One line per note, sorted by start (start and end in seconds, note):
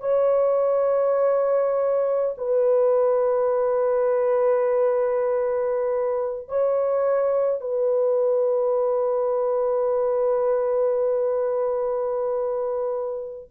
0.00 2.35 C#5
2.38 6.49 B4
6.49 7.61 C#5
7.61 13.49 B4